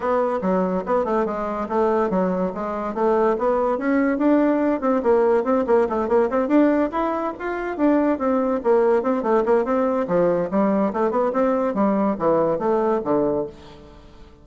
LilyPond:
\new Staff \with { instrumentName = "bassoon" } { \time 4/4 \tempo 4 = 143 b4 fis4 b8 a8 gis4 | a4 fis4 gis4 a4 | b4 cis'4 d'4. c'8 | ais4 c'8 ais8 a8 ais8 c'8 d'8~ |
d'8 e'4 f'4 d'4 c'8~ | c'8 ais4 c'8 a8 ais8 c'4 | f4 g4 a8 b8 c'4 | g4 e4 a4 d4 | }